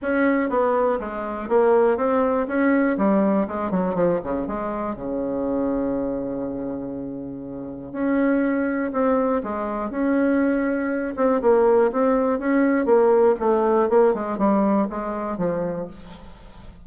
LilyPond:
\new Staff \with { instrumentName = "bassoon" } { \time 4/4 \tempo 4 = 121 cis'4 b4 gis4 ais4 | c'4 cis'4 g4 gis8 fis8 | f8 cis8 gis4 cis2~ | cis1 |
cis'2 c'4 gis4 | cis'2~ cis'8 c'8 ais4 | c'4 cis'4 ais4 a4 | ais8 gis8 g4 gis4 f4 | }